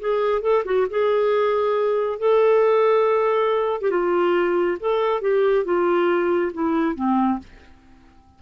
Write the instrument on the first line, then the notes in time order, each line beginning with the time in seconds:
clarinet
0.00 G#4
0.42 A4
0.65 F#4
0.90 G#4
2.19 A4
3.81 G4
3.91 F4
4.80 A4
5.21 G4
5.65 F4
6.53 E4
6.95 C4